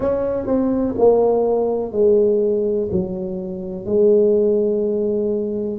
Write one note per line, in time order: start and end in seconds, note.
0.00 0.46 C#4
0.46 0.95 C4
0.98 1.92 A#3
1.92 2.89 G#3
2.91 3.85 F#3
3.85 5.79 G#3